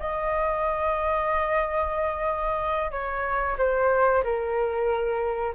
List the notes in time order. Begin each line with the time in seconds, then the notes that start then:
0.00 D#5
2.91 C#5
3.58 C5
4.24 A#4